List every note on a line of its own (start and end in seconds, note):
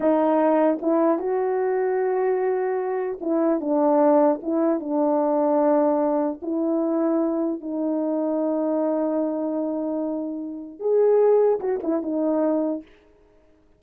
0.00 0.79 D#4
0.81 1.18 E4
1.18 3.18 F#4
3.20 3.60 E4
3.60 4.40 D4
4.42 4.80 E4
4.80 6.40 D4
6.41 7.60 E4
7.60 10.79 D#4
10.79 11.59 G#4
11.60 11.80 F#4
11.83 12.02 E4
12.02 12.82 D#4